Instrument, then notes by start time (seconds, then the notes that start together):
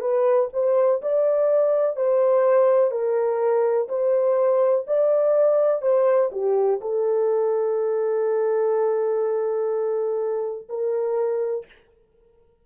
horn
0.00 B4
0.53 C5
1.02 D5
1.96 C5
2.91 A#4
3.88 C5
4.87 D5
5.82 C5
6.32 G4
6.81 A4
10.69 A#4